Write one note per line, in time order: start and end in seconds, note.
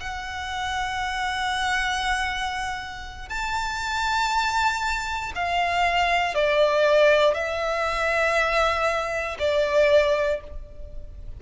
0.00 3.29 F#5
3.29 5.33 A5
5.35 6.35 F5
6.35 7.34 D5
7.34 9.37 E5
9.39 10.41 D5